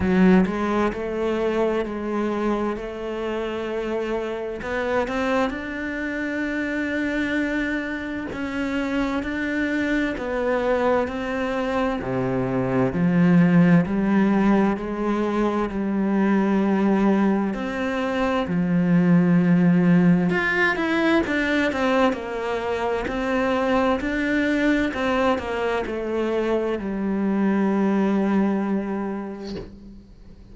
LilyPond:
\new Staff \with { instrumentName = "cello" } { \time 4/4 \tempo 4 = 65 fis8 gis8 a4 gis4 a4~ | a4 b8 c'8 d'2~ | d'4 cis'4 d'4 b4 | c'4 c4 f4 g4 |
gis4 g2 c'4 | f2 f'8 e'8 d'8 c'8 | ais4 c'4 d'4 c'8 ais8 | a4 g2. | }